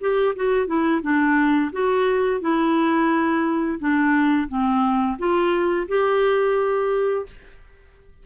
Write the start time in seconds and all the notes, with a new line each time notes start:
0.00 G4
0.35 F#4
0.66 E4
1.02 D4
1.72 F#4
2.40 E4
3.79 D4
4.48 C4
5.18 F4
5.88 G4